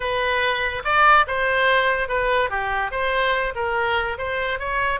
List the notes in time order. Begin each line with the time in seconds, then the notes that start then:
0.00 B4
0.84 D5
1.27 C5
2.08 B4
2.50 G4
2.91 C5
3.55 A#4
4.18 C5
4.59 C#5